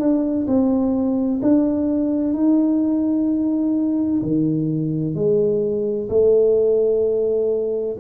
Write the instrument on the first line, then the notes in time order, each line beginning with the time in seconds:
tuba
0.00 D4
0.47 C4
1.42 D4
2.34 D#4
4.23 D#3
5.15 G#3
6.09 A3